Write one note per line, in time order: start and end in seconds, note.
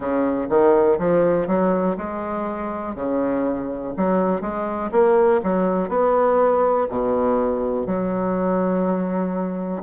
0.00 0.47 C#3
0.49 0.98 D#3
0.98 1.47 F3
1.47 1.96 F#3
1.97 2.95 G#3
2.95 3.93 C#3
3.96 4.41 F#3
4.41 4.90 G#3
4.91 5.41 A#3
5.43 5.88 F#3
5.88 6.87 B3
6.89 7.86 B2
7.86 9.83 F#3